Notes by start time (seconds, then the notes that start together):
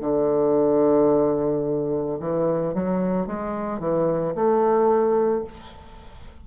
0.00 D3
2.19 E3
2.74 F#3
3.26 G#3
3.79 E3
4.34 A3